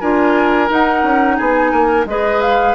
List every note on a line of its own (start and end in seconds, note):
0.00 0.70 D4
0.00 0.68 F4
0.00 1.36 A#4
0.00 0.69 G#5
0.68 2.06 D#4
0.68 1.03 D#4
0.68 1.36 F#5
1.03 1.37 C#4
1.36 1.72 B3
1.36 1.71 G#4
1.36 2.05 G#5
1.71 2.05 A#3
1.71 2.06 A#4
2.05 2.74 G#3
2.05 2.75 G#4
2.05 2.75 B4
2.05 2.41 D#5
2.41 2.75 F5